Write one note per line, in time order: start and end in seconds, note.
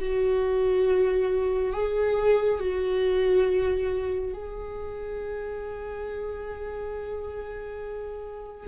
0.00 1.74 F#4
1.74 2.60 G#4
2.60 4.34 F#4
4.34 8.68 G#4